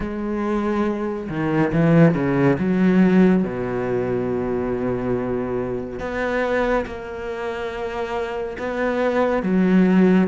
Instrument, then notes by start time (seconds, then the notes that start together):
cello
0.00 G#3
1.29 D#3
1.72 E3
2.14 C#3
2.59 F#3
3.43 B2
5.99 B3
6.86 A#3
8.58 B3
9.42 F#3